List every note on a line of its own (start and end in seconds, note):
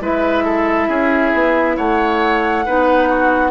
0.00 0.88 G#3
0.00 2.65 E4
0.00 0.44 B4
0.00 1.76 E5
0.44 0.87 A4
0.87 1.32 C#4
0.87 1.76 G#4
1.33 1.77 B3
1.76 2.66 A3
1.76 2.64 C#5
1.76 3.51 F#5
2.65 3.51 B3
2.65 3.51 D#4
2.65 3.08 B4
3.08 3.51 F#4